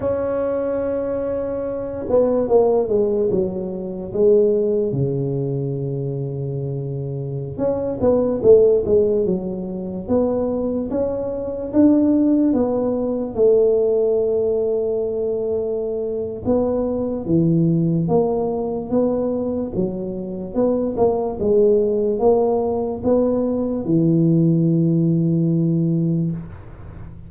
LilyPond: \new Staff \with { instrumentName = "tuba" } { \time 4/4 \tempo 4 = 73 cis'2~ cis'8 b8 ais8 gis8 | fis4 gis4 cis2~ | cis4~ cis16 cis'8 b8 a8 gis8 fis8.~ | fis16 b4 cis'4 d'4 b8.~ |
b16 a2.~ a8. | b4 e4 ais4 b4 | fis4 b8 ais8 gis4 ais4 | b4 e2. | }